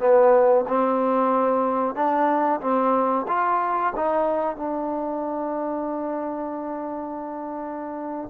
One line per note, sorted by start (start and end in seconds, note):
0.00 0.65 B3
0.68 1.95 C4
1.95 2.61 D4
2.61 3.26 C4
3.28 3.93 F4
3.96 4.57 D#4
4.57 8.30 D4